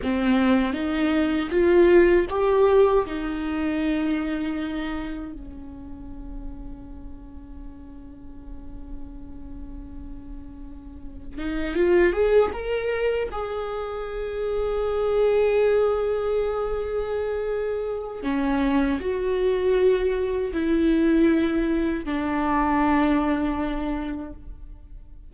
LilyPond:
\new Staff \with { instrumentName = "viola" } { \time 4/4 \tempo 4 = 79 c'4 dis'4 f'4 g'4 | dis'2. cis'4~ | cis'1~ | cis'2. dis'8 f'8 |
gis'8 ais'4 gis'2~ gis'8~ | gis'1 | cis'4 fis'2 e'4~ | e'4 d'2. | }